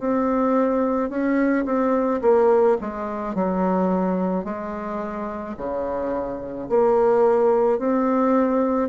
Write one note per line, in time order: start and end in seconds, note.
0.00 1.10 C4
1.10 1.65 C#4
1.66 2.21 C4
2.22 2.78 A#3
2.81 3.35 G#3
3.35 4.45 F#3
4.45 5.56 G#3
5.58 6.69 C#3
6.70 7.79 A#3
7.79 8.89 C4